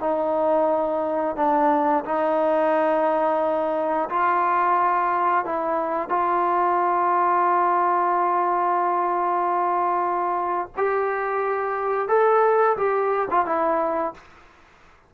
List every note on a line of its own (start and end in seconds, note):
0.00 1.36 D#4
1.36 2.05 D4
2.05 4.09 D#4
4.09 5.45 F4
5.45 6.09 E4
6.09 10.69 F4
10.77 12.09 G4
12.09 12.77 A4
12.77 13.29 G4
13.31 13.46 F4
13.46 14.14 E4